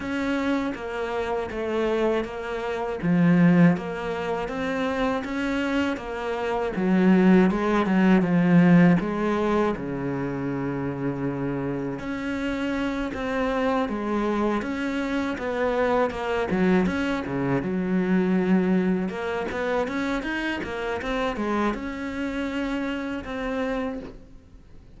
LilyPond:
\new Staff \with { instrumentName = "cello" } { \time 4/4 \tempo 4 = 80 cis'4 ais4 a4 ais4 | f4 ais4 c'4 cis'4 | ais4 fis4 gis8 fis8 f4 | gis4 cis2. |
cis'4. c'4 gis4 cis'8~ | cis'8 b4 ais8 fis8 cis'8 cis8 fis8~ | fis4. ais8 b8 cis'8 dis'8 ais8 | c'8 gis8 cis'2 c'4 | }